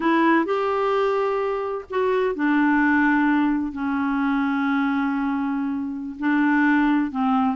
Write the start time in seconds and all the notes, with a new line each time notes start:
0.00 E4
0.45 G4
1.90 F#4
2.35 D4
3.72 C#4
6.19 D4
7.11 C4